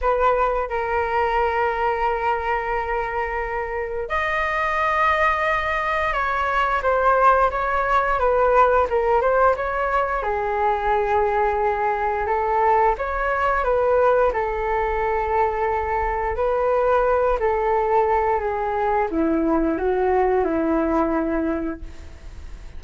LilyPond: \new Staff \with { instrumentName = "flute" } { \time 4/4 \tempo 4 = 88 b'4 ais'2.~ | ais'2 dis''2~ | dis''4 cis''4 c''4 cis''4 | b'4 ais'8 c''8 cis''4 gis'4~ |
gis'2 a'4 cis''4 | b'4 a'2. | b'4. a'4. gis'4 | e'4 fis'4 e'2 | }